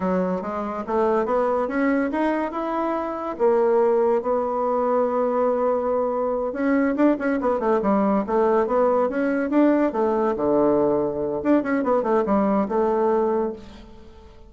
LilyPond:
\new Staff \with { instrumentName = "bassoon" } { \time 4/4 \tempo 4 = 142 fis4 gis4 a4 b4 | cis'4 dis'4 e'2 | ais2 b2~ | b2.~ b8 cis'8~ |
cis'8 d'8 cis'8 b8 a8 g4 a8~ | a8 b4 cis'4 d'4 a8~ | a8 d2~ d8 d'8 cis'8 | b8 a8 g4 a2 | }